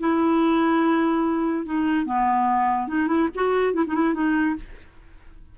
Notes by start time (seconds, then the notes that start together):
0.00 E4
1.66 D#4
2.06 B3
2.88 D#4
3.08 E4
3.35 F#4
3.74 E4
3.87 D#4
3.95 E4
4.14 D#4